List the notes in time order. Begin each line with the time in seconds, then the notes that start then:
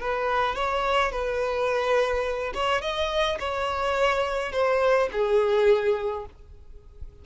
0.00 B4
0.55 C#5
1.12 B4
2.54 C#5
2.81 D#5
3.39 C#5
4.52 C5
5.12 G#4